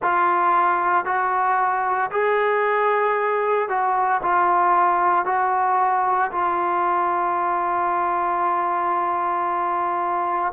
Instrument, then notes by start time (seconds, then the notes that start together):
trombone
0.02 F4
1.05 F#4
2.11 G#4
3.68 F#4
4.22 F4
5.25 F#4
6.32 F4